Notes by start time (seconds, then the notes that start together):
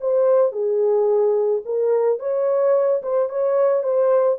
0.00 C5
0.52 G#4
1.65 A#4
2.19 C#5
3.02 C5
3.29 C#5
3.83 C5